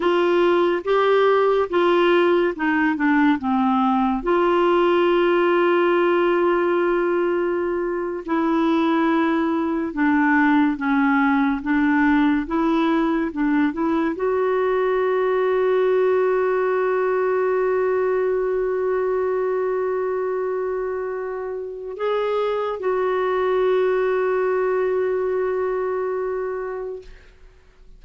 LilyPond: \new Staff \with { instrumentName = "clarinet" } { \time 4/4 \tempo 4 = 71 f'4 g'4 f'4 dis'8 d'8 | c'4 f'2.~ | f'4.~ f'16 e'2 d'16~ | d'8. cis'4 d'4 e'4 d'16~ |
d'16 e'8 fis'2.~ fis'16~ | fis'1~ | fis'2 gis'4 fis'4~ | fis'1 | }